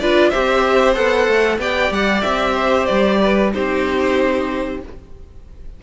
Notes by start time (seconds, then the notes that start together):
0.00 D4 F4 B4 D5
0.30 C4 G4 C5 E5
0.94 B3 A4 F#5
1.28 A3
1.59 B3 G4 D5 G5
1.91 G3 F#5
2.22 C4 E5
2.55 C5
2.86 G3 D5
3.22 B4
3.53 C4 D#4 G4 C5